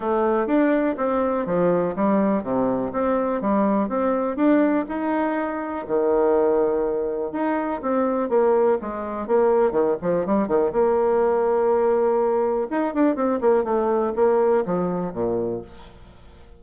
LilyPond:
\new Staff \with { instrumentName = "bassoon" } { \time 4/4 \tempo 4 = 123 a4 d'4 c'4 f4 | g4 c4 c'4 g4 | c'4 d'4 dis'2 | dis2. dis'4 |
c'4 ais4 gis4 ais4 | dis8 f8 g8 dis8 ais2~ | ais2 dis'8 d'8 c'8 ais8 | a4 ais4 f4 ais,4 | }